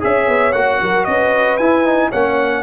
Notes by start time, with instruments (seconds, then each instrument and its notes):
0.00 tuba C#4, trombone G#4, horn C#5, trumpet E5
0.28 tuba B3
0.53 tuba A#3, trombone F#4, trumpet F#5
0.82 tuba F#3, horn A#4
1.05 tuba C#4, horn B4, trumpet D#5
1.57 tuba E4, trombone E4, trumpet G#5
1.85 trombone D#4
2.09 tuba A#3, trombone C#4, horn C#5, trumpet F#5